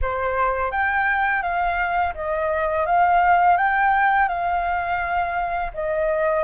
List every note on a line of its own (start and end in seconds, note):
0.01 0.71 C5
0.71 1.42 G5
1.42 2.13 F5
2.14 2.86 D#5
2.86 3.57 F5
3.57 4.28 G5
4.28 5.71 F5
5.74 6.43 D#5